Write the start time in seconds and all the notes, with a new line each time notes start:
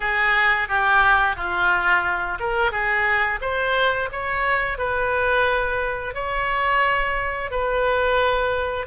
0.00 G#4
0.68 G4
1.36 F4
2.39 A#4
2.71 G#4
3.41 C5
4.12 C#5
4.78 B4
6.14 C#5
7.51 B4